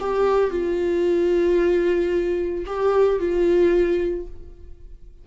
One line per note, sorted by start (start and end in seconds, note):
0.00 0.51 G4
0.51 2.65 F4
2.66 3.19 G4
3.19 4.27 F4